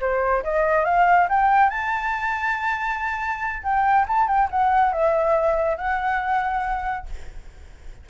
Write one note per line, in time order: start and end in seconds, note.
0.00 0.43 C5
0.43 0.85 D#5
0.85 1.27 F5
1.29 1.69 G5
1.69 3.62 A5
3.63 4.05 G5
4.08 4.27 A5
4.27 4.48 G5
4.50 4.92 F#5
4.92 5.77 E5
5.77 7.06 F#5